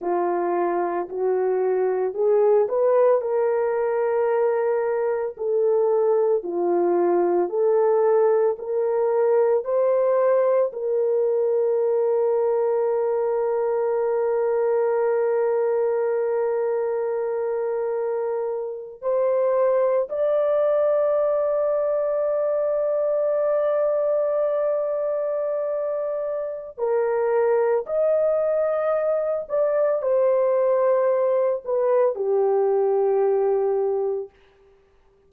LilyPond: \new Staff \with { instrumentName = "horn" } { \time 4/4 \tempo 4 = 56 f'4 fis'4 gis'8 b'8 ais'4~ | ais'4 a'4 f'4 a'4 | ais'4 c''4 ais'2~ | ais'1~ |
ais'4.~ ais'16 c''4 d''4~ d''16~ | d''1~ | d''4 ais'4 dis''4. d''8 | c''4. b'8 g'2 | }